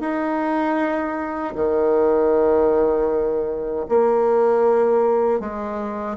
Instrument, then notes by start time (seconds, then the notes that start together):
bassoon
0.00 D#4
1.55 D#3
3.88 A#3
5.40 G#3